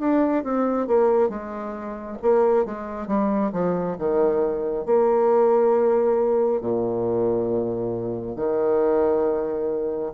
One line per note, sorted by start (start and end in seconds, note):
0.00 0.44 D4
0.44 0.87 C4
0.87 1.30 A#3
1.30 2.18 G#3
2.22 2.66 A#3
2.66 3.08 G#3
3.08 3.52 G3
3.53 3.97 F3
3.99 4.86 D#3
4.86 6.61 A#3
6.61 8.36 A#2
8.36 10.13 D#3